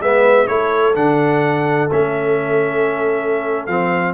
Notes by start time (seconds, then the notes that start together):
0.00 G#3 B3 B4 E5
0.47 A3 E4 A4 C#5
0.95 D3 D4 F#5
1.91 A3 C#4 E5
3.66 F3 C4 F5